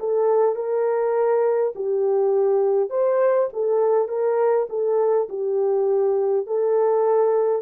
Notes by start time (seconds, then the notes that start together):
0.00 A4
0.56 A#4
1.76 G4
2.90 C5
3.53 A4
4.09 A#4
4.70 A4
5.29 G4
6.47 A4